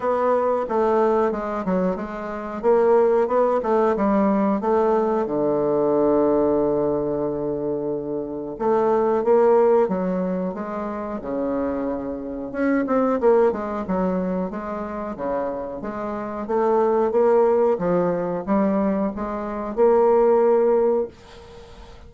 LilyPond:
\new Staff \with { instrumentName = "bassoon" } { \time 4/4 \tempo 4 = 91 b4 a4 gis8 fis8 gis4 | ais4 b8 a8 g4 a4 | d1~ | d4 a4 ais4 fis4 |
gis4 cis2 cis'8 c'8 | ais8 gis8 fis4 gis4 cis4 | gis4 a4 ais4 f4 | g4 gis4 ais2 | }